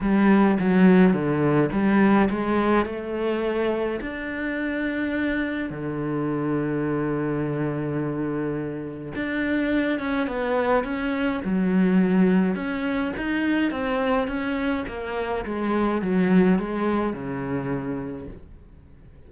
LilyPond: \new Staff \with { instrumentName = "cello" } { \time 4/4 \tempo 4 = 105 g4 fis4 d4 g4 | gis4 a2 d'4~ | d'2 d2~ | d1 |
d'4. cis'8 b4 cis'4 | fis2 cis'4 dis'4 | c'4 cis'4 ais4 gis4 | fis4 gis4 cis2 | }